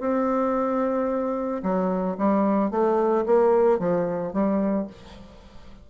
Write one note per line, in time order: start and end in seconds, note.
0.00 1.62 C4
1.63 2.17 F#3
2.18 2.71 G3
2.71 3.25 A3
3.26 3.79 A#3
3.79 4.33 F3
4.33 4.87 G3